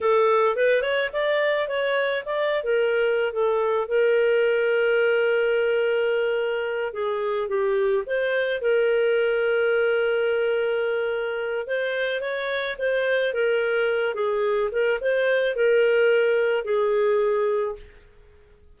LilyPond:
\new Staff \with { instrumentName = "clarinet" } { \time 4/4 \tempo 4 = 108 a'4 b'8 cis''8 d''4 cis''4 | d''8. ais'4~ ais'16 a'4 ais'4~ | ais'1~ | ais'8 gis'4 g'4 c''4 ais'8~ |
ais'1~ | ais'4 c''4 cis''4 c''4 | ais'4. gis'4 ais'8 c''4 | ais'2 gis'2 | }